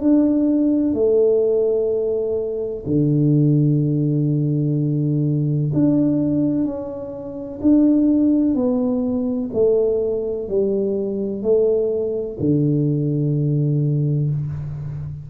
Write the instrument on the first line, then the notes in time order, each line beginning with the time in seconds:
tuba
0.00 D4
0.93 A3
2.86 D3
5.73 D4
6.64 C#4
7.61 D4
8.55 B3
9.53 A3
10.48 G3
11.42 A3
12.39 D3